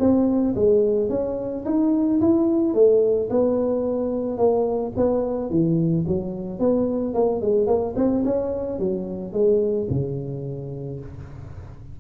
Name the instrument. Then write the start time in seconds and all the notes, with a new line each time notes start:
tuba
0.00 C4
0.55 G#3
1.10 C#4
1.66 D#4
2.21 E4
2.74 A3
3.30 B3
4.38 A#3
4.97 B3
5.50 E3
6.08 F#3
6.60 B3
7.14 A#3
7.41 G#3
7.67 A#3
7.96 C4
8.25 C#4
8.79 F#3
9.33 G#3
9.90 C#3